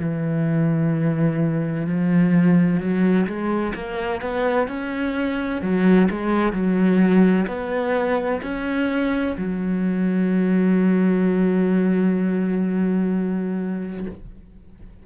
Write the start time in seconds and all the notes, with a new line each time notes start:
0.00 E3
1.87 F3
2.80 F#3
3.27 G#3
3.75 A#3
4.21 B3
4.68 C#4
5.62 F#3
6.11 G#3
6.53 F#3
7.48 B3
8.42 C#4
9.38 F#3